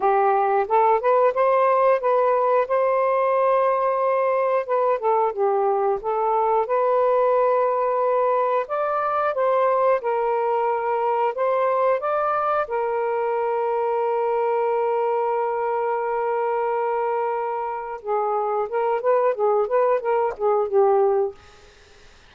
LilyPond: \new Staff \with { instrumentName = "saxophone" } { \time 4/4 \tempo 4 = 90 g'4 a'8 b'8 c''4 b'4 | c''2. b'8 a'8 | g'4 a'4 b'2~ | b'4 d''4 c''4 ais'4~ |
ais'4 c''4 d''4 ais'4~ | ais'1~ | ais'2. gis'4 | ais'8 b'8 gis'8 b'8 ais'8 gis'8 g'4 | }